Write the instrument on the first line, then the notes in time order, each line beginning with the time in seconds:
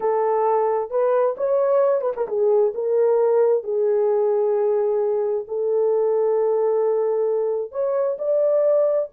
horn
0.00 A4
0.90 B4
1.37 C#5
2.01 B4
2.16 A#4
2.27 G#4
2.74 A#4
3.63 G#4
5.47 A4
7.71 C#5
8.18 D5